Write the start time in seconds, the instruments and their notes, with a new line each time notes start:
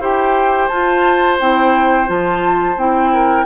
0.00 bassoon E4, clarinet G4, oboe C5, flute G5
0.68 bassoon F4, clarinet F4, flute A5
1.40 bassoon C4, clarinet E4, flute G5
2.07 bassoon F3, clarinet F4, flute A5
2.77 bassoon C4, clarinet E4, flute G5
3.14 oboe A#4